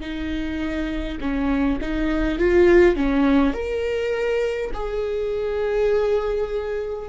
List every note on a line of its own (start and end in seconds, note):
0.00 1.18 D#4
1.20 1.79 C#4
1.81 2.39 D#4
2.39 2.96 F4
2.96 3.53 C#4
3.53 4.71 A#4
4.74 7.09 G#4